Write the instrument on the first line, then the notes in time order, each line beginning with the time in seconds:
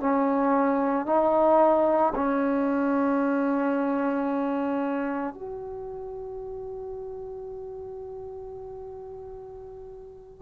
trombone
0.00 C#4
1.06 D#4
2.15 C#4
5.34 F#4